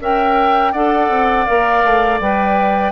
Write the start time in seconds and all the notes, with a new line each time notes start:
0.00 C#4 A#4 E5 G5
0.72 D4 A4 D5 F#5
1.09 C4
1.45 A#3 A#4 F5
1.84 A3
2.20 G3 B4 G5